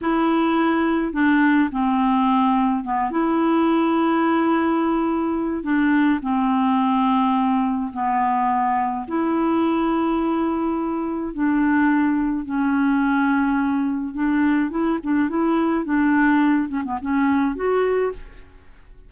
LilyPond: \new Staff \with { instrumentName = "clarinet" } { \time 4/4 \tempo 4 = 106 e'2 d'4 c'4~ | c'4 b8 e'2~ e'8~ | e'2 d'4 c'4~ | c'2 b2 |
e'1 | d'2 cis'2~ | cis'4 d'4 e'8 d'8 e'4 | d'4. cis'16 b16 cis'4 fis'4 | }